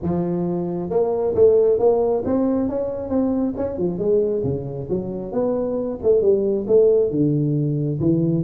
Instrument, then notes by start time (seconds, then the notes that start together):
tuba
0.02 F3
0.90 A#3
1.35 A3
1.79 A#3
2.25 C4
2.68 C#4
3.09 C4
3.56 C#4
3.77 F3
3.98 G#3
4.43 C#3
4.89 F#3
5.32 B3
6.02 A3
6.21 G3
6.67 A3
7.11 D3
8.00 E3